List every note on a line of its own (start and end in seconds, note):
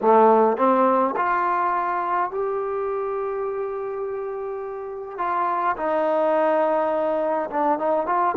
0.01 0.57 A3
0.57 1.15 C4
1.16 2.31 F4
2.31 5.18 G4
5.18 5.75 F4
5.76 7.49 D#4
7.50 7.78 D4
7.78 8.06 D#4
8.06 8.35 F4